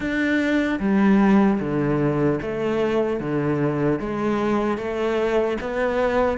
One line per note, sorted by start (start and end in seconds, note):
0.00 0.79 D4
0.79 1.59 G3
1.60 2.40 D3
2.41 3.20 A3
3.20 3.99 D3
3.99 4.77 G#3
4.77 5.57 A3
5.60 6.37 B3